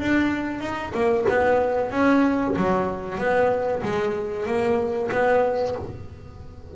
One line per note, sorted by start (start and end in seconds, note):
0.00 0.61 D4
0.61 0.93 D#4
0.94 1.26 A#3
1.29 1.91 B3
1.91 2.55 C#4
2.56 3.19 F#3
3.19 3.82 B3
3.83 4.47 G#3
4.47 5.10 A#3
5.12 5.76 B3